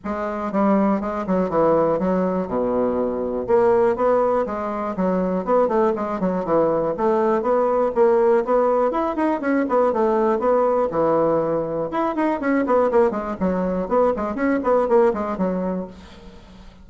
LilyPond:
\new Staff \with { instrumentName = "bassoon" } { \time 4/4 \tempo 4 = 121 gis4 g4 gis8 fis8 e4 | fis4 b,2 ais4 | b4 gis4 fis4 b8 a8 | gis8 fis8 e4 a4 b4 |
ais4 b4 e'8 dis'8 cis'8 b8 | a4 b4 e2 | e'8 dis'8 cis'8 b8 ais8 gis8 fis4 | b8 gis8 cis'8 b8 ais8 gis8 fis4 | }